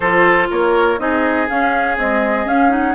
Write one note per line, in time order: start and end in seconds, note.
0.00 0.49 F3
0.00 0.98 F4
0.00 0.47 A4
0.00 0.49 C5
0.50 0.98 A#3
0.50 0.99 A#4
0.50 0.99 C#5
0.98 1.48 C4
0.98 1.47 D#4
0.98 2.94 G#4
0.98 1.48 D#5
1.47 1.97 C#4
1.47 1.97 F5
1.97 2.45 G#3
1.97 2.46 C4
1.97 2.47 D#5
2.45 2.69 C#4
2.45 2.94 C#4
2.45 2.71 F5
2.69 2.93 D#4
2.69 2.94 F#5